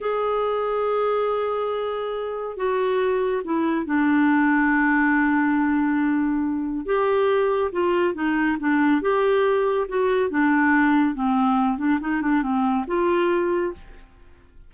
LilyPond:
\new Staff \with { instrumentName = "clarinet" } { \time 4/4 \tempo 4 = 140 gis'1~ | gis'2 fis'2 | e'4 d'2.~ | d'1 |
g'2 f'4 dis'4 | d'4 g'2 fis'4 | d'2 c'4. d'8 | dis'8 d'8 c'4 f'2 | }